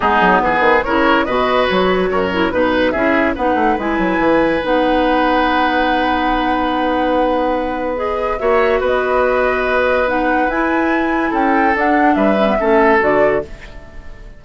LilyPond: <<
  \new Staff \with { instrumentName = "flute" } { \time 4/4 \tempo 4 = 143 gis'4 b'4 cis''4 dis''4 | cis''2 b'4 e''4 | fis''4 gis''2 fis''4~ | fis''1~ |
fis''2. dis''4 | e''4 dis''2. | fis''4 gis''2 g''4 | fis''4 e''2 d''4 | }
  \new Staff \with { instrumentName = "oboe" } { \time 4/4 dis'4 gis'4 ais'4 b'4~ | b'4 ais'4 b'4 gis'4 | b'1~ | b'1~ |
b'1 | cis''4 b'2.~ | b'2. a'4~ | a'4 b'4 a'2 | }
  \new Staff \with { instrumentName = "clarinet" } { \time 4/4 b2 e'4 fis'4~ | fis'4. e'8 dis'4 e'4 | dis'4 e'2 dis'4~ | dis'1~ |
dis'2. gis'4 | fis'1 | dis'4 e'2. | d'4. cis'16 b16 cis'4 fis'4 | }
  \new Staff \with { instrumentName = "bassoon" } { \time 4/4 gis8 fis8 e8 dis8 cis4 b,4 | fis4 fis,4 b,4 cis'4 | b8 a8 gis8 fis8 e4 b4~ | b1~ |
b1 | ais4 b2.~ | b4 e'2 cis'4 | d'4 g4 a4 d4 | }
>>